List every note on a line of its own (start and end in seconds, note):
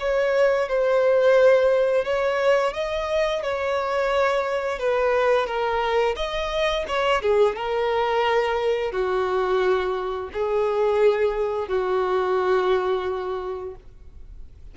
0.00 0.69 C#5
0.69 2.05 C5
2.05 2.74 C#5
2.74 3.43 D#5
3.43 4.79 C#5
4.79 5.47 B4
5.47 6.16 A#4
6.17 6.86 D#5
6.88 7.22 C#5
7.22 7.56 G#4
7.56 8.92 A#4
8.92 10.30 F#4
10.33 11.68 G#4
11.68 13.75 F#4